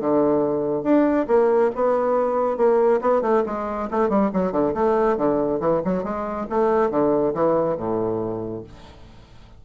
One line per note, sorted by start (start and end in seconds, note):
0.00 0.83 D3
0.83 1.26 D4
1.28 1.71 A#3
1.75 2.57 B3
2.57 3.00 A#3
3.01 3.21 B3
3.21 3.43 A3
3.46 3.89 G#3
3.91 4.09 A3
4.09 4.31 G3
4.33 4.52 F#3
4.52 4.74 D3
4.74 5.17 A3
5.17 5.60 D3
5.60 5.82 E3
5.85 6.04 F#3
6.04 6.47 G#3
6.50 6.90 A3
6.90 7.34 D3
7.34 7.77 E3
7.77 8.64 A2